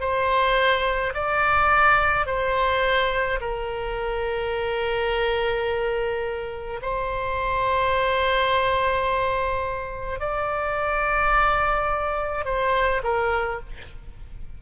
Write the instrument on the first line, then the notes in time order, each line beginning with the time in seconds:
oboe
0.00 C5
1.14 D5
2.26 C5
3.41 A#4
6.82 C5
10.20 D5
12.45 C5
13.03 A#4